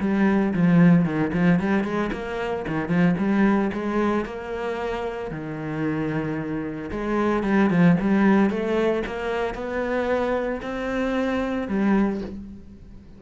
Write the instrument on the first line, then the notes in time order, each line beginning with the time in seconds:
cello
0.00 G3
0.54 F3
1.05 D#3
1.33 F3
1.60 G3
1.84 G#3
2.12 A#3
2.67 D#3
2.88 F3
3.18 G3
3.73 G#3
4.25 A#3
5.31 D#3
6.91 G#3
7.43 G3
7.70 F3
8.00 G3
8.50 A3
9.06 A#3
9.55 B3
10.62 C4
11.68 G3